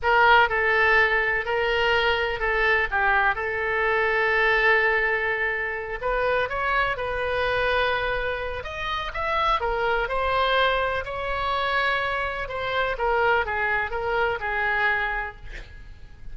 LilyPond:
\new Staff \with { instrumentName = "oboe" } { \time 4/4 \tempo 4 = 125 ais'4 a'2 ais'4~ | ais'4 a'4 g'4 a'4~ | a'1~ | a'8 b'4 cis''4 b'4.~ |
b'2 dis''4 e''4 | ais'4 c''2 cis''4~ | cis''2 c''4 ais'4 | gis'4 ais'4 gis'2 | }